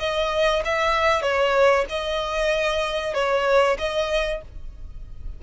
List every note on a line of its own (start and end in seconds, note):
0.00 0.63 D#5
0.65 1.22 E5
1.22 1.85 C#5
1.89 3.14 D#5
3.14 3.78 C#5
3.79 4.42 D#5